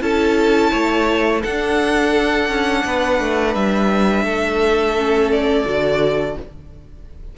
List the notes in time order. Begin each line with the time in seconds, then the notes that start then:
0.00 C#4 E4 A4 A5
0.70 A3 C#5
1.41 D4 A4 F#5
2.48 C#4
2.84 B3 B4
3.20 A3
3.54 G3 E5
4.23 A3 A4
4.97 C#4
5.31 D5
5.65 D3 F#4